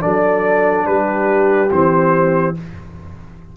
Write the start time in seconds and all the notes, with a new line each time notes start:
0.00 F#3 D4 A4 D5
0.86 G3 G4 B4
1.70 E3 C4 C5